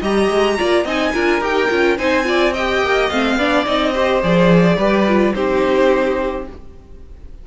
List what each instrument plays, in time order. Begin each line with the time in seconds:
0.00 cello G3, viola G4, violin D#5 A#5
0.30 cello G#3
0.58 cello A#3, viola F4, violin D5
0.84 cello C4, viola D#4, violin D#5 G#5
1.13 cello D4, viola F4, violin A#4
1.40 cello D#4, viola G4, violin G5
1.70 cello C#4, viola F4
1.97 cello C4, viola D#4, violin C5 G#5
2.24 viola F4, violin D5
2.53 viola G4, violin D#5 G5
2.82 cello A#3
3.09 cello A3, viola C4, violin F5
3.37 cello B3, viola D4, violin D5
3.65 cello C4, viola D#4, violin D#5
3.92 viola G4, violin C5
4.22 cello F3, viola G#4, violin D5
4.76 cello G3, viola G4, violin B4
5.07 viola F4
5.34 cello C4, viola D#4, violin G4 C5